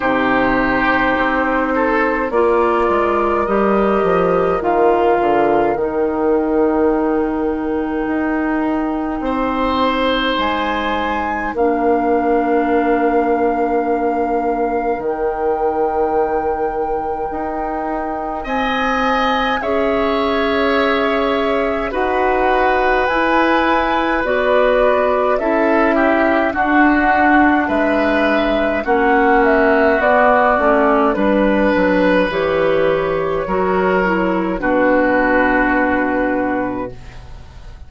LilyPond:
<<
  \new Staff \with { instrumentName = "flute" } { \time 4/4 \tempo 4 = 52 c''2 d''4 dis''4 | f''4 g''2.~ | g''4 gis''4 f''2~ | f''4 g''2. |
gis''4 e''2 fis''4 | gis''4 d''4 e''4 fis''4 | e''4 fis''8 e''8 d''4 b'4 | cis''2 b'2 | }
  \new Staff \with { instrumentName = "oboe" } { \time 4/4 g'4. a'8 ais'2~ | ais'1 | c''2 ais'2~ | ais'1 |
dis''4 cis''2 b'4~ | b'2 a'8 g'8 fis'4 | b'4 fis'2 b'4~ | b'4 ais'4 fis'2 | }
  \new Staff \with { instrumentName = "clarinet" } { \time 4/4 dis'2 f'4 g'4 | f'4 dis'2.~ | dis'2 d'2~ | d'4 dis'2.~ |
dis'4 gis'2 fis'4 | e'4 fis'4 e'4 d'4~ | d'4 cis'4 b8 cis'8 d'4 | g'4 fis'8 e'8 d'2 | }
  \new Staff \with { instrumentName = "bassoon" } { \time 4/4 c4 c'4 ais8 gis8 g8 f8 | dis8 d8 dis2 dis'4 | c'4 gis4 ais2~ | ais4 dis2 dis'4 |
c'4 cis'2 dis'4 | e'4 b4 cis'4 d'4 | gis4 ais4 b8 a8 g8 fis8 | e4 fis4 b,2 | }
>>